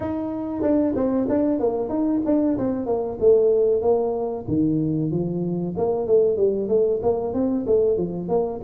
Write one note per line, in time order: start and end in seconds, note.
0.00 0.62 D#4
0.62 0.94 D4
0.95 1.27 C4
1.29 1.59 D4
1.59 1.89 A#3
1.89 2.21 D#4
2.25 2.57 D4
2.57 2.86 C4
2.86 3.18 A#3
3.20 3.81 A3
3.81 4.45 A#3
4.47 5.11 D#3
5.11 5.74 F3
5.77 6.06 A#3
6.06 6.37 A3
6.37 6.68 G3
6.68 7.00 A3
7.02 7.33 A#3
7.33 7.65 C4
7.66 7.97 A3
7.97 8.28 F3
8.28 8.60 A#3